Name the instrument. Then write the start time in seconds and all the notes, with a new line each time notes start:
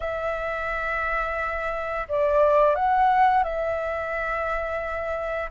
flute
0.00 E5
2.08 D5
2.75 F#5
3.43 E5